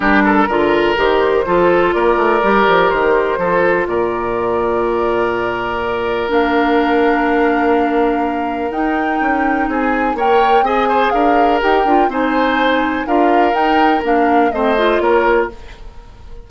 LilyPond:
<<
  \new Staff \with { instrumentName = "flute" } { \time 4/4 \tempo 4 = 124 ais'2 c''2 | d''2 c''2 | d''1~ | d''4 f''2.~ |
f''2 g''2 | gis''4 g''4 gis''4 f''4 | g''4 gis''2 f''4 | g''4 f''4 dis''4 cis''4 | }
  \new Staff \with { instrumentName = "oboe" } { \time 4/4 g'8 a'8 ais'2 a'4 | ais'2. a'4 | ais'1~ | ais'1~ |
ais'1 | gis'4 cis''4 dis''8 c''8 ais'4~ | ais'4 c''2 ais'4~ | ais'2 c''4 ais'4 | }
  \new Staff \with { instrumentName = "clarinet" } { \time 4/4 d'4 f'4 g'4 f'4~ | f'4 g'2 f'4~ | f'1~ | f'4 d'2.~ |
d'2 dis'2~ | dis'4 ais'4 gis'2 | g'8 f'8 dis'2 f'4 | dis'4 d'4 c'8 f'4. | }
  \new Staff \with { instrumentName = "bassoon" } { \time 4/4 g4 d4 dis4 f4 | ais8 a8 g8 f8 dis4 f4 | ais,1~ | ais,4 ais2.~ |
ais2 dis'4 cis'4 | c'4 ais4 c'4 d'4 | dis'8 d'8 c'2 d'4 | dis'4 ais4 a4 ais4 | }
>>